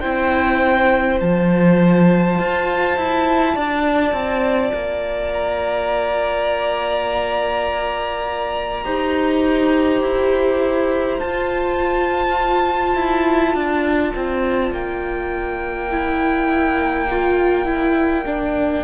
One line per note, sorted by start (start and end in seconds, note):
0.00 1.21 C4
0.00 1.20 E4
0.00 3.53 C5
0.00 1.18 G5
1.20 2.38 F3
1.20 8.84 F4
1.20 5.31 A5
2.38 2.97 F4
2.97 3.55 E4
3.54 4.12 D4
3.54 8.83 D5
4.12 4.71 C4
4.74 8.85 A#3
5.33 11.19 A#5
8.84 10.01 D#4
8.84 11.18 G4
8.84 13.54 C5
10.01 11.19 E4
11.18 15.89 F4
11.18 12.96 F4
11.18 14.72 A5
12.96 13.54 E4
13.54 14.13 D4
13.54 18.83 D5
14.15 14.71 C4
14.71 18.83 A#3
14.71 18.83 G5
15.90 17.07 E4
17.10 17.64 F4
17.64 18.23 E4
18.25 18.83 D4